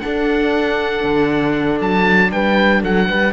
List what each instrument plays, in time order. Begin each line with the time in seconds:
0.00 viola D4, cello D4, horn A4, oboe F#5
1.04 cello D3
1.80 cello F#3, oboe A5
2.32 cello G3, horn B4, oboe G5
2.82 cello F#3, horn A4, oboe F#5
3.08 cello G3, horn B4